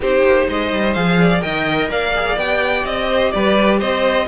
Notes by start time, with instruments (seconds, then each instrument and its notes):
0.00 cello C4, viola D#4, violin G4 C5
0.23 cello A#3
0.47 cello G#3, violin C5 D#5
0.72 cello G3
0.93 cello F3, viola G#4, violin F5
1.19 violin D5
1.40 cello D#3, viola A#4, violin D#5 G5
1.88 cello A#3, violin D5 F5
2.15 viola G#4
2.36 cello B3, viola G4, violin G5
2.85 cello C4, violin D#5
3.08 violin C5
3.31 cello G3, violin B4 D5
3.79 cello C4, violin C5 D#5